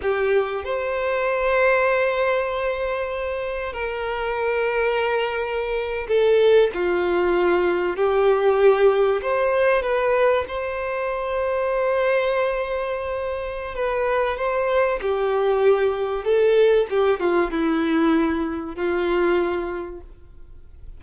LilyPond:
\new Staff \with { instrumentName = "violin" } { \time 4/4 \tempo 4 = 96 g'4 c''2.~ | c''2 ais'2~ | ais'4.~ ais'16 a'4 f'4~ f'16~ | f'8. g'2 c''4 b'16~ |
b'8. c''2.~ c''16~ | c''2 b'4 c''4 | g'2 a'4 g'8 f'8 | e'2 f'2 | }